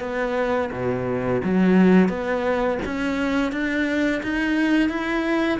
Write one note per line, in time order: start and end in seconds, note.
0.00 0.70 B3
0.72 1.42 B2
1.44 2.09 F#3
2.09 2.78 B3
2.85 3.52 C#4
3.52 4.21 D4
4.23 4.89 D#4
4.89 5.59 E4